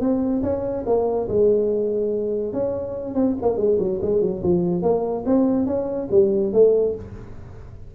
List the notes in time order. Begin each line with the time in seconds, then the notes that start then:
0.00 C4
0.42 C#4
0.86 A#3
1.28 G#3
2.53 C#4
3.14 C4
3.42 A#3
3.57 G#3
3.79 F#3
4.02 G#3
4.21 F#3
4.43 F3
4.82 A#3
5.26 C4
5.66 C#4
6.11 G3
6.53 A3